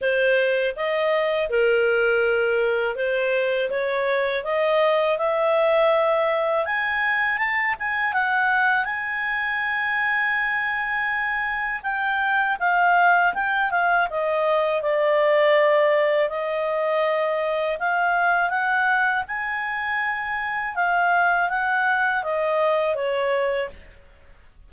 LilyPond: \new Staff \with { instrumentName = "clarinet" } { \time 4/4 \tempo 4 = 81 c''4 dis''4 ais'2 | c''4 cis''4 dis''4 e''4~ | e''4 gis''4 a''8 gis''8 fis''4 | gis''1 |
g''4 f''4 g''8 f''8 dis''4 | d''2 dis''2 | f''4 fis''4 gis''2 | f''4 fis''4 dis''4 cis''4 | }